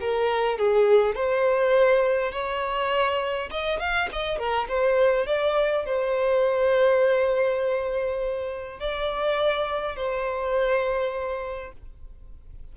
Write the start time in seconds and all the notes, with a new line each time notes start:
0.00 A#4
0.58 G#4
1.15 C5
2.32 C#5
3.50 D#5
3.79 F5
4.12 D#5
4.38 A#4
4.68 C5
5.26 D5
5.85 C5
8.79 D5
9.96 C5